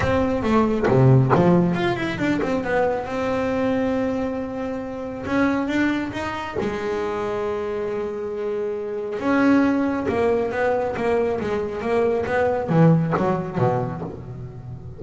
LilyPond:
\new Staff \with { instrumentName = "double bass" } { \time 4/4 \tempo 4 = 137 c'4 a4 c4 f4 | f'8 e'8 d'8 c'8 b4 c'4~ | c'1 | cis'4 d'4 dis'4 gis4~ |
gis1~ | gis4 cis'2 ais4 | b4 ais4 gis4 ais4 | b4 e4 fis4 b,4 | }